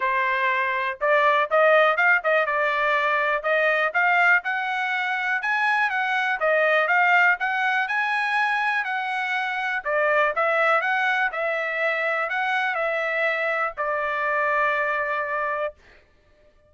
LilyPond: \new Staff \with { instrumentName = "trumpet" } { \time 4/4 \tempo 4 = 122 c''2 d''4 dis''4 | f''8 dis''8 d''2 dis''4 | f''4 fis''2 gis''4 | fis''4 dis''4 f''4 fis''4 |
gis''2 fis''2 | d''4 e''4 fis''4 e''4~ | e''4 fis''4 e''2 | d''1 | }